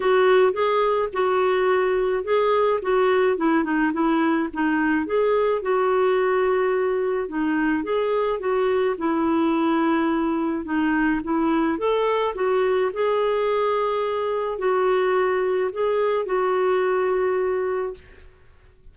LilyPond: \new Staff \with { instrumentName = "clarinet" } { \time 4/4 \tempo 4 = 107 fis'4 gis'4 fis'2 | gis'4 fis'4 e'8 dis'8 e'4 | dis'4 gis'4 fis'2~ | fis'4 dis'4 gis'4 fis'4 |
e'2. dis'4 | e'4 a'4 fis'4 gis'4~ | gis'2 fis'2 | gis'4 fis'2. | }